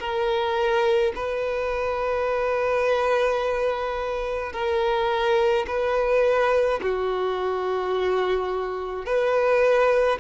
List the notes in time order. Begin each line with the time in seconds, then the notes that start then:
0.00 A#4
1.16 B4
4.53 A#4
5.67 B4
6.82 F#4
9.06 B4